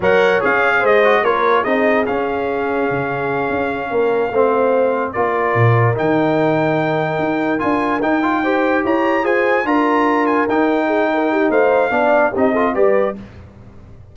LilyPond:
<<
  \new Staff \with { instrumentName = "trumpet" } { \time 4/4 \tempo 4 = 146 fis''4 f''4 dis''4 cis''4 | dis''4 f''2.~ | f''1~ | f''8 d''2 g''4.~ |
g''2~ g''8 gis''4 g''8~ | g''4. ais''4 gis''4 ais''8~ | ais''4 gis''8 g''2~ g''8 | f''2 dis''4 d''4 | }
  \new Staff \with { instrumentName = "horn" } { \time 4/4 cis''2 c''4 ais'4 | gis'1~ | gis'4. ais'4 c''4.~ | c''8 ais'2.~ ais'8~ |
ais'1~ | ais'8 c''4 cis''4 c''4 ais'8~ | ais'2~ ais'8 gis'8 ais'8 g'8 | c''4 d''4 g'8 a'8 b'4 | }
  \new Staff \with { instrumentName = "trombone" } { \time 4/4 ais'4 gis'4. fis'8 f'4 | dis'4 cis'2.~ | cis'2~ cis'8 c'4.~ | c'8 f'2 dis'4.~ |
dis'2~ dis'8 f'4 dis'8 | f'8 g'2 gis'4 f'8~ | f'4. dis'2~ dis'8~ | dis'4 d'4 dis'8 f'8 g'4 | }
  \new Staff \with { instrumentName = "tuba" } { \time 4/4 fis4 cis'4 gis4 ais4 | c'4 cis'2 cis4~ | cis8 cis'4 ais4 a4.~ | a8 ais4 ais,4 dis4.~ |
dis4. dis'4 d'4 dis'8~ | dis'4. e'4 f'4 d'8~ | d'4. dis'2~ dis'8 | a4 b4 c'4 g4 | }
>>